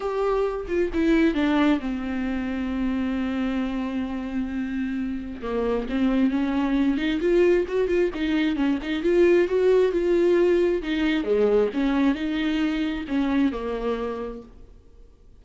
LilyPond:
\new Staff \with { instrumentName = "viola" } { \time 4/4 \tempo 4 = 133 g'4. f'8 e'4 d'4 | c'1~ | c'1 | ais4 c'4 cis'4. dis'8 |
f'4 fis'8 f'8 dis'4 cis'8 dis'8 | f'4 fis'4 f'2 | dis'4 gis4 cis'4 dis'4~ | dis'4 cis'4 ais2 | }